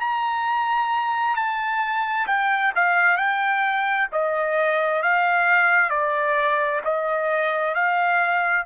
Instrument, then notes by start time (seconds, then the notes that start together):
trumpet
0.00 A#5
1.35 A5
2.27 G5
2.75 F5
3.17 G5
4.12 D#5
5.02 F5
5.89 D5
6.84 D#5
7.74 F5